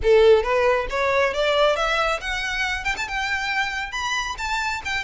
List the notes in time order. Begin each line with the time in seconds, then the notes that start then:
0.02 A4
0.43 B4
0.90 C#5
1.33 D5
1.76 E5
2.20 F#5
2.84 G5
2.97 A5
3.08 G5
3.92 B5
4.37 A5
4.84 G5